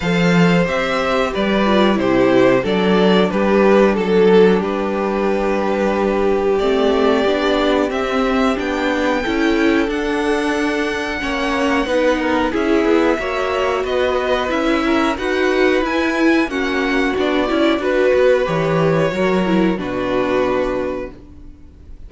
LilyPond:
<<
  \new Staff \with { instrumentName = "violin" } { \time 4/4 \tempo 4 = 91 f''4 e''4 d''4 c''4 | d''4 b'4 a'4 b'4~ | b'2 d''2 | e''4 g''2 fis''4~ |
fis''2. e''4~ | e''4 dis''4 e''4 fis''4 | gis''4 fis''4 d''4 b'4 | cis''2 b'2 | }
  \new Staff \with { instrumentName = "violin" } { \time 4/4 c''2 b'4 g'4 | a'4 g'4 a'4 g'4~ | g'1~ | g'2 a'2~ |
a'4 cis''4 b'8 ais'8 gis'4 | cis''4 b'4. ais'8 b'4~ | b'4 fis'2 b'4~ | b'4 ais'4 fis'2 | }
  \new Staff \with { instrumentName = "viola" } { \time 4/4 a'4 g'4. f'8 e'4 | d'1~ | d'2 c'4 d'4 | c'4 d'4 e'4 d'4~ |
d'4 cis'4 dis'4 e'4 | fis'2 e'4 fis'4 | e'4 cis'4 d'8 e'8 fis'4 | g'4 fis'8 e'8 d'2 | }
  \new Staff \with { instrumentName = "cello" } { \time 4/4 f4 c'4 g4 c4 | fis4 g4 fis4 g4~ | g2 a4 b4 | c'4 b4 cis'4 d'4~ |
d'4 ais4 b4 cis'8 b8 | ais4 b4 cis'4 dis'4 | e'4 ais4 b8 cis'8 d'8 b8 | e4 fis4 b,2 | }
>>